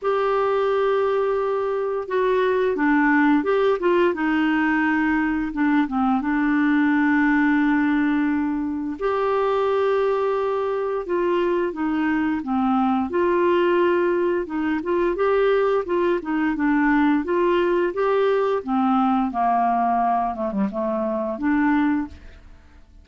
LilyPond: \new Staff \with { instrumentName = "clarinet" } { \time 4/4 \tempo 4 = 87 g'2. fis'4 | d'4 g'8 f'8 dis'2 | d'8 c'8 d'2.~ | d'4 g'2. |
f'4 dis'4 c'4 f'4~ | f'4 dis'8 f'8 g'4 f'8 dis'8 | d'4 f'4 g'4 c'4 | ais4. a16 g16 a4 d'4 | }